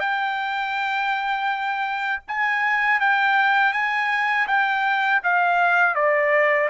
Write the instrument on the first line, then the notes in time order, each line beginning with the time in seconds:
trumpet
0.00 G5
2.28 G#5
3.00 G5
3.73 G#5
4.47 G5
5.24 F5
5.95 D5